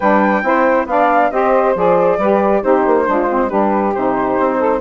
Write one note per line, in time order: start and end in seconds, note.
0.00 0.42 G3
0.00 0.43 D4
0.00 0.44 B4
0.00 0.86 G5
0.42 0.86 C4
0.42 0.86 E4
0.42 0.89 C5
0.86 1.30 B3
0.86 1.31 D4
0.86 1.31 D5
0.86 1.31 F5
1.31 1.75 C4
1.31 1.75 G4
1.31 2.18 C5
1.31 1.74 D#5
1.75 2.18 F3
1.75 2.19 G#4
1.75 2.63 D5
2.18 2.61 G3
2.18 2.62 G4
2.18 2.61 B4
2.61 2.85 C4
2.61 3.06 D#4
2.61 3.05 G4
2.61 3.49 C5
2.86 3.08 A#3
3.06 3.51 G#3
3.06 3.27 D4
3.06 3.48 F4
3.29 3.50 C4
3.48 3.94 G3
3.48 3.94 D4
3.48 4.57 G4
3.48 3.93 B4
3.94 4.38 C3
3.94 4.80 D#4
3.94 4.80 C5
4.39 4.80 C4
4.59 4.80 A4